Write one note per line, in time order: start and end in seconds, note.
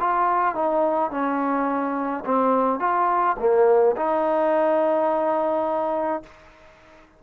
0.00 0.55 F4
0.55 1.11 D#4
1.11 2.24 C#4
2.25 2.79 C4
2.79 3.36 F4
3.39 3.96 A#3
3.96 6.23 D#4